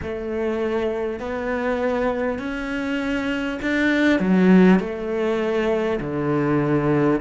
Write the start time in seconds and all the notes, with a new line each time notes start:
0.02 A3
1.19 B3
2.38 C#4
3.62 D4
4.19 F#3
4.79 A3
6.00 D3